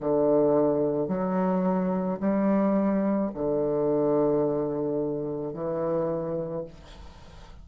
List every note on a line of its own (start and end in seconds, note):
0.00 1.08 D3
1.08 2.19 F#3
2.20 3.31 G3
3.34 5.53 D3
5.53 6.64 E3